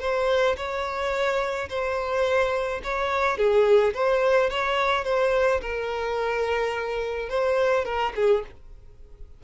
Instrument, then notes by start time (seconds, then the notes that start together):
violin
0.00 C5
0.57 C#5
1.69 C5
2.84 C#5
3.37 G#4
3.94 C5
4.50 C#5
5.05 C5
5.61 A#4
7.29 C5
7.85 A#4
8.16 G#4